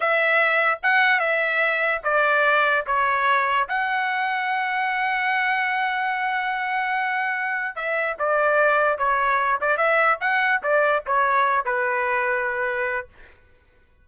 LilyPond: \new Staff \with { instrumentName = "trumpet" } { \time 4/4 \tempo 4 = 147 e''2 fis''4 e''4~ | e''4 d''2 cis''4~ | cis''4 fis''2.~ | fis''1~ |
fis''2. e''4 | d''2 cis''4. d''8 | e''4 fis''4 d''4 cis''4~ | cis''8 b'2.~ b'8 | }